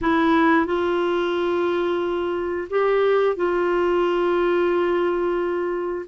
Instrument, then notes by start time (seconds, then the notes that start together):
clarinet
0.01 E4
0.66 F4
2.70 G4
3.36 F4